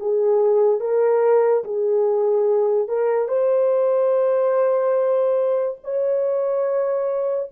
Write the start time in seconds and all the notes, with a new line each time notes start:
0.00 G#4
0.80 A#4
1.64 G#4
2.88 A#4
3.28 C5
5.84 C#5